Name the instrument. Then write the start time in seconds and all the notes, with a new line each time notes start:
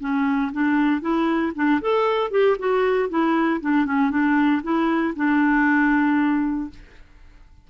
clarinet
0.00 C#4
0.52 D4
1.01 E4
1.55 D4
1.81 A4
2.31 G4
2.59 F#4
3.09 E4
3.60 D4
3.85 C#4
4.10 D4
4.62 E4
5.16 D4